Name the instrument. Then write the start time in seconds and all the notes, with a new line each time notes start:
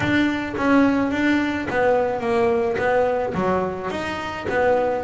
double bass
0.00 D4
0.57 C#4
1.11 D4
1.70 B3
2.20 A#3
2.77 B3
3.34 F#3
3.90 D#4
4.49 B3